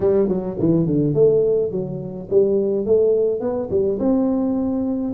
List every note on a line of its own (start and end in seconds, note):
0.00 0.28 G3
0.28 0.57 F#3
0.59 0.86 E3
0.86 1.14 D3
1.14 1.71 A3
1.71 2.28 F#3
2.30 2.85 G3
2.85 3.40 A3
3.40 3.69 B3
3.70 3.98 G3
3.99 5.13 C4